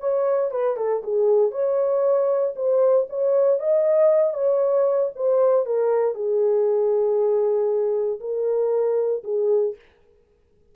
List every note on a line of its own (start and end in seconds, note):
0.00 0.51 C#5
0.51 0.77 B4
0.77 1.03 A4
1.04 1.52 G#4
1.52 2.55 C#5
2.56 3.07 C5
3.10 3.60 C#5
3.60 4.34 D#5
4.34 5.11 C#5
5.16 5.66 C5
5.66 6.15 A#4
6.15 8.20 G#4
8.21 9.23 A#4
9.24 9.76 G#4